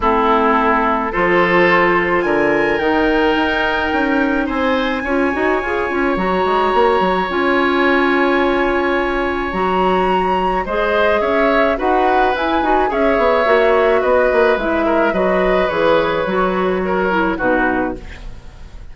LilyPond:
<<
  \new Staff \with { instrumentName = "flute" } { \time 4/4 \tempo 4 = 107 a'2 c''2 | gis''4 g''2. | gis''2. ais''4~ | ais''4 gis''2.~ |
gis''4 ais''2 dis''4 | e''4 fis''4 gis''4 e''4~ | e''4 dis''4 e''4 dis''4 | cis''2. b'4 | }
  \new Staff \with { instrumentName = "oboe" } { \time 4/4 e'2 a'2 | ais'1 | c''4 cis''2.~ | cis''1~ |
cis''2. c''4 | cis''4 b'2 cis''4~ | cis''4 b'4. ais'8 b'4~ | b'2 ais'4 fis'4 | }
  \new Staff \with { instrumentName = "clarinet" } { \time 4/4 c'2 f'2~ | f'4 dis'2.~ | dis'4 f'8 fis'8 gis'8 f'8 fis'4~ | fis'4 f'2.~ |
f'4 fis'2 gis'4~ | gis'4 fis'4 e'8 fis'8 gis'4 | fis'2 e'4 fis'4 | gis'4 fis'4. e'8 dis'4 | }
  \new Staff \with { instrumentName = "bassoon" } { \time 4/4 a2 f2 | d4 dis4 dis'4 cis'4 | c'4 cis'8 dis'8 f'8 cis'8 fis8 gis8 | ais8 fis8 cis'2.~ |
cis'4 fis2 gis4 | cis'4 dis'4 e'8 dis'8 cis'8 b8 | ais4 b8 ais8 gis4 fis4 | e4 fis2 b,4 | }
>>